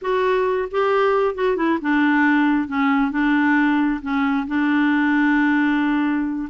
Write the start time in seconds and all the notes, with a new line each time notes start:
0.01 F#4
0.71 G4
1.35 F#4
1.56 E4
1.81 D4
2.68 C#4
3.11 D4
4.02 C#4
4.47 D4